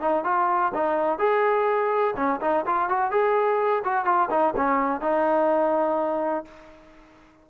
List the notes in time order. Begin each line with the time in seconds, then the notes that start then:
0.00 D#4
0.24 F4
0.74 D#4
1.18 G#4
2.16 C#4
2.41 D#4
2.66 F4
2.89 F#4
3.11 G#4
3.84 F#4
4.05 F4
4.30 D#4
4.56 C#4
5.01 D#4